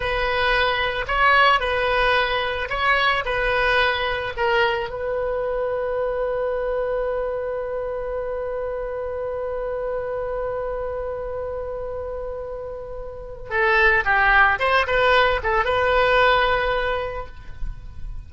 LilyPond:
\new Staff \with { instrumentName = "oboe" } { \time 4/4 \tempo 4 = 111 b'2 cis''4 b'4~ | b'4 cis''4 b'2 | ais'4 b'2.~ | b'1~ |
b'1~ | b'1~ | b'4 a'4 g'4 c''8 b'8~ | b'8 a'8 b'2. | }